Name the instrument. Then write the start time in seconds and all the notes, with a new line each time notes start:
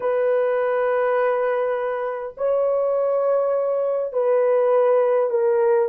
horn
0.00 B4
2.37 C#5
4.12 B4
5.29 A#4